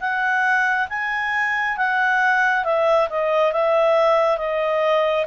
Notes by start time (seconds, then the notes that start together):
0.00 F#5
0.89 G#5
1.77 F#5
2.65 E5
3.10 D#5
3.53 E5
4.38 D#5